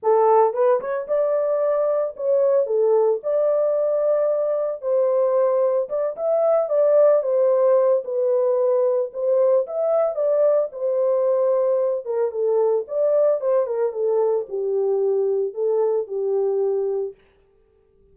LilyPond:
\new Staff \with { instrumentName = "horn" } { \time 4/4 \tempo 4 = 112 a'4 b'8 cis''8 d''2 | cis''4 a'4 d''2~ | d''4 c''2 d''8 e''8~ | e''8 d''4 c''4. b'4~ |
b'4 c''4 e''4 d''4 | c''2~ c''8 ais'8 a'4 | d''4 c''8 ais'8 a'4 g'4~ | g'4 a'4 g'2 | }